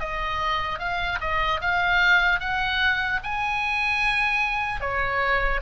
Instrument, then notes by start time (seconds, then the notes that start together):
oboe
0.00 D#5
0.79 F5
1.21 D#5
1.61 F5
2.40 F#5
3.24 G#5
4.81 C#5